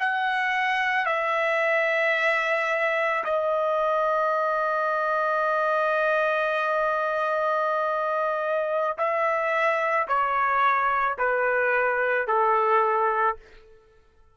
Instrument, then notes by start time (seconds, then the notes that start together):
trumpet
0.00 F#5
1.06 E5
3.24 D#5
8.98 E5
10.08 C#5
11.18 B4
12.28 A4